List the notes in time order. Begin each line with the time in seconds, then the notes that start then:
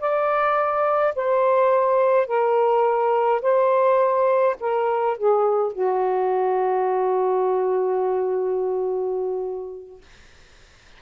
0.00 D5
1.16 C5
2.27 A#4
3.42 C5
4.60 A#4
5.17 G#4
5.73 F#4